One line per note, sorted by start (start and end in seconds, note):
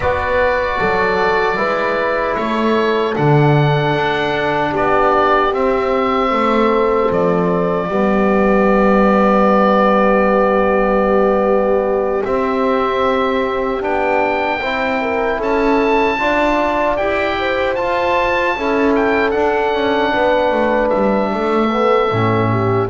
0.00 0.79 B3
0.00 1.56 F#4
0.00 0.78 B4
0.00 2.36 D5
0.78 1.56 F#3
0.78 1.57 A4
1.56 2.35 G#3
1.56 3.13 E4
1.56 2.36 B4
2.36 3.16 A3
2.36 4.71 A4
2.36 3.15 C#5
3.14 3.94 D3
3.14 5.51 D4
3.14 4.74 F#5
3.94 4.73 D4
4.71 5.52 B3
4.71 6.29 G4
4.71 5.54 D5
5.52 7.88 C4
5.52 6.31 C4
5.52 7.12 E5
6.31 7.10 A3
6.31 7.88 A4
7.11 7.88 F3
7.11 12.24 D5
7.88 12.22 G3
7.88 12.23 B3
7.88 14.59 G4
12.24 13.80 C4
12.24 13.82 C4
12.24 13.82 E5
13.80 14.61 B3
13.80 14.59 D4
13.80 15.41 G5
14.59 15.39 C4
14.59 16.19 E4
14.59 14.99 C5
15.01 15.37 A#4
15.37 16.18 C#4
15.37 16.16 A4
15.37 16.97 A5
16.19 16.98 D4
16.19 16.98 F4
16.19 17.38 D5
16.97 17.76 E4
16.97 17.77 G4
16.97 17.74 G5
17.39 18.57 C5
17.74 18.55 F4
17.74 18.56 F4
17.74 18.93 A5
18.55 19.34 C#4
18.55 19.32 E4
18.55 20.12 A4
18.95 19.30 G5
19.30 21.68 D4
19.30 19.73 D4
19.30 20.88 F#5
19.73 20.13 C#4
20.12 20.51 B3
20.12 21.31 B4
20.51 20.90 A3
20.89 21.33 G3
20.89 22.87 E5
21.32 22.11 A3
21.32 22.50 A4
21.70 22.10 B3
22.11 22.89 A2
22.11 22.89 C#4
22.51 22.89 G4